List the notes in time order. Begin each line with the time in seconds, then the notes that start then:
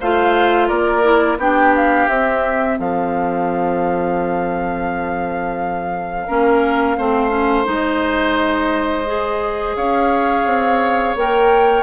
0.00 A3 F4 C5 F5
0.67 A#3 A#4 D5
1.02 E4
1.37 B3 D4 G4 G5
1.75 F5
2.08 C4 E5
2.78 F3 A4 F5
6.26 A#3 C#4 A#4
6.97 A3 C4 C5
7.29 C#4
7.64 G#3 D#4 D#5
9.06 G#4
9.75 C#4 C#5 F5
10.45 C4
11.15 A#3 A#4 G5